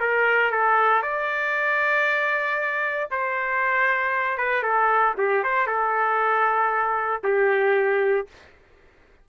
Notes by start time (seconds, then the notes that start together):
0.00 A#4
0.51 A4
1.03 D5
3.11 C5
4.38 B4
4.63 A4
5.17 G4
5.43 C5
5.67 A4
7.24 G4